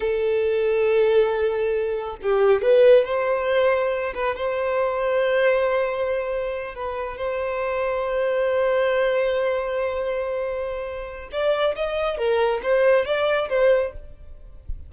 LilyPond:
\new Staff \with { instrumentName = "violin" } { \time 4/4 \tempo 4 = 138 a'1~ | a'4 g'4 b'4 c''4~ | c''4. b'8 c''2~ | c''2.~ c''8 b'8~ |
b'8 c''2.~ c''8~ | c''1~ | c''2 d''4 dis''4 | ais'4 c''4 d''4 c''4 | }